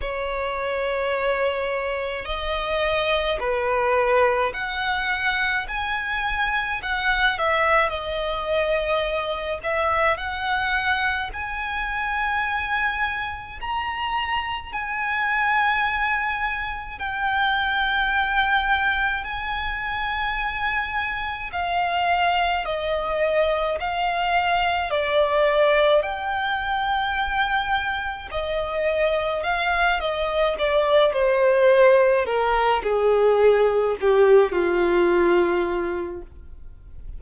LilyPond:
\new Staff \with { instrumentName = "violin" } { \time 4/4 \tempo 4 = 53 cis''2 dis''4 b'4 | fis''4 gis''4 fis''8 e''8 dis''4~ | dis''8 e''8 fis''4 gis''2 | ais''4 gis''2 g''4~ |
g''4 gis''2 f''4 | dis''4 f''4 d''4 g''4~ | g''4 dis''4 f''8 dis''8 d''8 c''8~ | c''8 ais'8 gis'4 g'8 f'4. | }